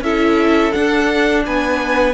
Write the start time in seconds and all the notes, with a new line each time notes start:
0.00 C#4 E4 A4 E5
0.72 D4 F#5
1.45 B3 B4 G#5